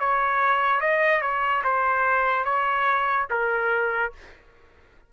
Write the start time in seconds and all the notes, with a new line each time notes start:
0.00 C#5
0.81 D#5
1.22 C#5
1.64 C5
2.45 C#5
3.31 A#4